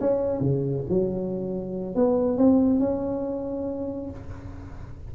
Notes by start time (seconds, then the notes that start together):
0.00 C#4
0.40 C#3
0.89 F#3
1.95 B3
2.38 C4
2.79 C#4